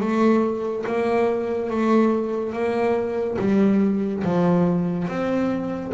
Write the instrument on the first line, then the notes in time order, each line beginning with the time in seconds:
double bass
0.00 A3
0.86 A#3
1.70 A3
2.52 A#3
3.38 G3
4.24 F3
5.07 C4